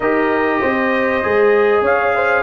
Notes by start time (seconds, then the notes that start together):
0.00 D#4 G4 A#4 D#5
0.60 C4 C5
1.23 G#3 G#4
1.81 C#4 C#5 F5
2.15 C5